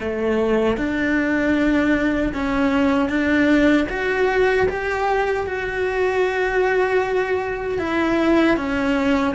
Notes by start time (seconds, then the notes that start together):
0.00 A3
0.77 D4
2.33 C#4
3.09 D4
3.89 F#4
4.69 G4
5.46 F#4
7.79 E4
8.56 C#4